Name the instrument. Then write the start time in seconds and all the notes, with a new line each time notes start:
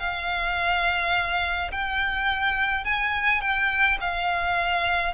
violin
0.00 F5
1.72 G5
2.85 G#5
3.41 G5
4.01 F5